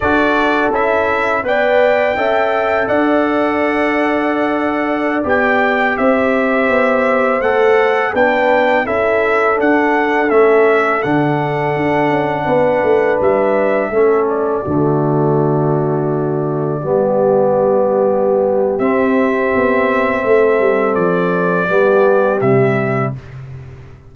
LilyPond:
<<
  \new Staff \with { instrumentName = "trumpet" } { \time 4/4 \tempo 4 = 83 d''4 e''4 g''2 | fis''2.~ fis''16 g''8.~ | g''16 e''2 fis''4 g''8.~ | g''16 e''4 fis''4 e''4 fis''8.~ |
fis''2~ fis''16 e''4. d''16~ | d''1~ | d''2 e''2~ | e''4 d''2 e''4 | }
  \new Staff \with { instrumentName = "horn" } { \time 4/4 a'2 d''4 e''4 | d''1~ | d''16 c''2. b'8.~ | b'16 a'2.~ a'8.~ |
a'4~ a'16 b'2 a'8.~ | a'16 fis'2. g'8.~ | g'1 | a'2 g'2 | }
  \new Staff \with { instrumentName = "trombone" } { \time 4/4 fis'4 e'4 b'4 a'4~ | a'2.~ a'16 g'8.~ | g'2~ g'16 a'4 d'8.~ | d'16 e'4 d'4 cis'4 d'8.~ |
d'2.~ d'16 cis'8.~ | cis'16 a2. b8.~ | b2 c'2~ | c'2 b4 g4 | }
  \new Staff \with { instrumentName = "tuba" } { \time 4/4 d'4 cis'4 b4 cis'4 | d'2.~ d'16 b8.~ | b16 c'4 b4 a4 b8.~ | b16 cis'4 d'4 a4 d8.~ |
d16 d'8 cis'8 b8 a8 g4 a8.~ | a16 d2. g8.~ | g2 c'4 b4 | a8 g8 f4 g4 c4 | }
>>